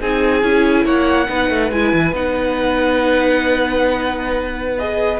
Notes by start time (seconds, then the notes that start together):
0.00 C4 D#4 G#4 G#5
0.42 C#4 E4
0.85 A#3 C#5 F#5
1.28 B3 D#4 B4
1.50 A3
1.71 G#3 E4 G#5
1.93 E3
2.12 B3 D#4 F#5
4.79 G#4 D#5